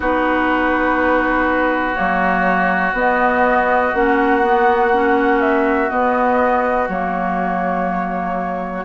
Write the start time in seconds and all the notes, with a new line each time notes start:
0.00 B3 D#4 F#4 B4
1.94 F#3 A#3 C#5
2.92 B3 D#5
3.93 A#3 C#4 F#5
4.42 B3
4.92 C#4
5.41 E5
5.89 B3 D#5
6.88 F#3 A#3 C#5